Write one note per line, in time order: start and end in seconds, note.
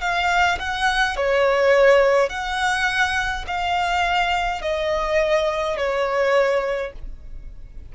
0.00 0.58 F5
0.59 1.16 F#5
1.16 2.29 C#5
2.29 3.44 F#5
3.47 4.62 F5
4.62 5.77 D#5
5.77 6.92 C#5